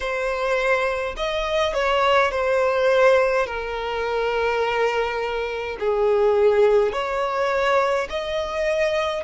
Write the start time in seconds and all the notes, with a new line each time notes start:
0.00 C5
1.16 D#5
1.73 C#5
2.31 C5
3.46 A#4
5.80 G#4
6.92 C#5
8.09 D#5